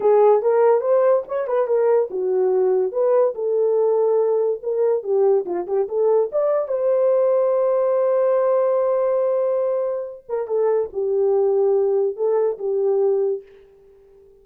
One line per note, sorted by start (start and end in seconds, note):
0.00 0.41 G#4
0.41 0.80 A#4
0.80 1.22 C5
1.27 1.47 C#5
1.47 1.67 B4
1.67 2.09 A#4
2.10 2.92 F#4
2.92 3.34 B4
3.35 4.60 A4
4.63 5.03 A#4
5.03 5.45 G4
5.45 5.66 F4
5.66 5.87 G4
5.88 6.30 A4
6.32 6.68 D5
6.68 10.24 C5
10.29 10.47 A#4
10.47 10.89 A4
10.93 12.16 G4
12.16 12.58 A4
12.58 13.42 G4